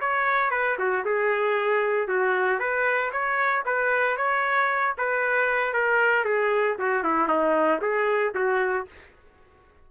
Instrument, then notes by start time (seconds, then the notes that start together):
trumpet
0.00 C#5
0.51 B4
0.78 F#4
1.05 G#4
2.08 F#4
2.59 B4
3.12 C#5
3.65 B4
4.17 C#5
4.98 B4
5.73 A#4
6.24 G#4
6.78 F#4
7.03 E4
7.28 D#4
7.81 G#4
8.34 F#4